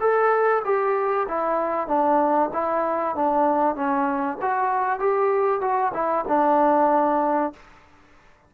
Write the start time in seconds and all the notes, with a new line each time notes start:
0.00 A4
0.64 G4
1.28 E4
1.87 D4
2.53 E4
3.15 D4
3.75 C#4
4.41 F#4
4.99 G4
5.61 F#4
5.93 E4
6.28 D4